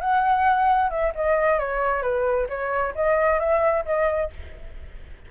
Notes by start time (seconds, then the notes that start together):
0.00 F#5
0.90 E5
1.15 D#5
1.59 C#5
2.02 B4
2.48 C#5
2.94 D#5
3.39 E5
3.85 D#5